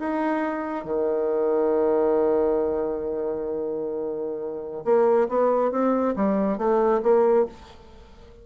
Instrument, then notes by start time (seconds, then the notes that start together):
bassoon
0.00 D#4
0.85 D#3
4.85 A#3
5.29 B3
5.72 C4
6.16 G3
6.58 A3
7.03 A#3